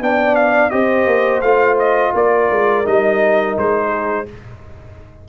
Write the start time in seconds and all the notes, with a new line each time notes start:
0.00 B3 D4 D5 G5
0.35 F5
0.70 C4 G4 C5 D#5
1.06 A#3
1.41 A3 F4 F5
1.79 D#5
2.14 A#3 A#4 D5
2.51 G#3
2.85 G3 D#4 D#5
3.57 G#3 C5
3.89 G#4